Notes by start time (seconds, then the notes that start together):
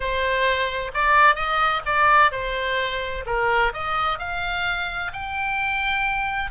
0.00 C5
0.94 D5
1.35 D#5
1.85 D5
2.31 C5
3.26 A#4
3.73 D#5
4.18 F5
5.13 G5